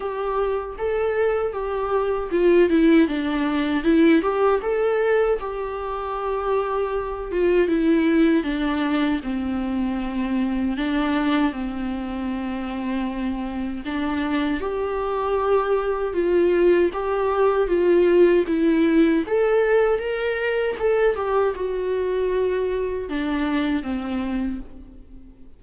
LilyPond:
\new Staff \with { instrumentName = "viola" } { \time 4/4 \tempo 4 = 78 g'4 a'4 g'4 f'8 e'8 | d'4 e'8 g'8 a'4 g'4~ | g'4. f'8 e'4 d'4 | c'2 d'4 c'4~ |
c'2 d'4 g'4~ | g'4 f'4 g'4 f'4 | e'4 a'4 ais'4 a'8 g'8 | fis'2 d'4 c'4 | }